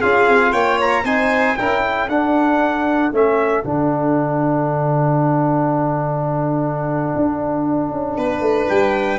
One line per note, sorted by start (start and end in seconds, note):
0.00 0.28 C#4
0.00 1.05 F4
0.00 0.52 G#4
0.00 0.52 F5
0.28 0.53 C4
0.52 1.04 A#3
0.52 1.03 C#5
0.52 0.78 G5
0.81 1.05 A#5
1.04 1.55 C4
1.04 1.57 D#4
1.04 1.56 C5
1.04 1.56 G#5
1.56 2.08 C#4
1.56 2.09 E4
1.56 1.84 A#4
1.56 2.08 G5
1.84 8.17 A4
2.08 3.11 D4
2.08 3.12 D4
2.08 3.12 F#5
3.12 3.63 A3
3.12 3.63 C#4
3.12 3.64 E5
3.63 7.14 D3
3.63 9.18 D4
3.63 8.68 F#5
7.16 7.91 D4
7.91 8.17 C#4
8.17 8.40 B3
8.17 9.18 B4
8.40 8.66 A3
8.68 9.18 G3
8.68 9.18 G5